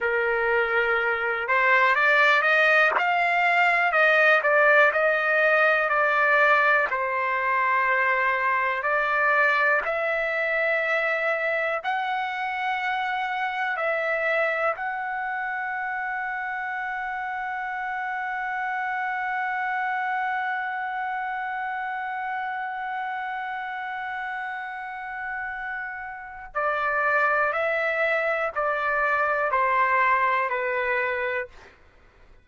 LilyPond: \new Staff \with { instrumentName = "trumpet" } { \time 4/4 \tempo 4 = 61 ais'4. c''8 d''8 dis''8 f''4 | dis''8 d''8 dis''4 d''4 c''4~ | c''4 d''4 e''2 | fis''2 e''4 fis''4~ |
fis''1~ | fis''1~ | fis''2. d''4 | e''4 d''4 c''4 b'4 | }